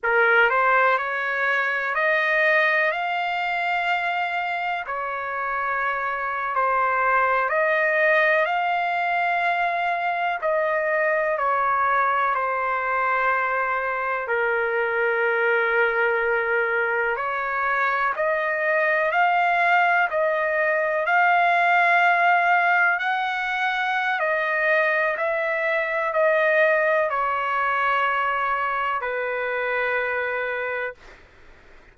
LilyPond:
\new Staff \with { instrumentName = "trumpet" } { \time 4/4 \tempo 4 = 62 ais'8 c''8 cis''4 dis''4 f''4~ | f''4 cis''4.~ cis''16 c''4 dis''16~ | dis''8. f''2 dis''4 cis''16~ | cis''8. c''2 ais'4~ ais'16~ |
ais'4.~ ais'16 cis''4 dis''4 f''16~ | f''8. dis''4 f''2 fis''16~ | fis''4 dis''4 e''4 dis''4 | cis''2 b'2 | }